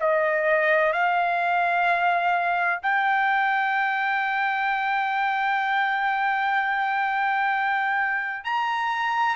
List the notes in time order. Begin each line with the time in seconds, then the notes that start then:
0.00 D#5
0.93 F5
2.82 G5
8.44 A#5